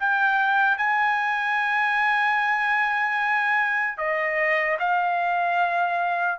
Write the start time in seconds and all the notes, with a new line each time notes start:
0.00 G5
0.78 G#5
3.98 D#5
4.80 F5